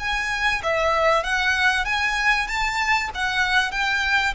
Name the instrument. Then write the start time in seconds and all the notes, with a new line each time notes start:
violin
0.00 G#5
0.63 E5
1.24 F#5
1.86 G#5
2.48 A5
3.15 F#5
3.72 G5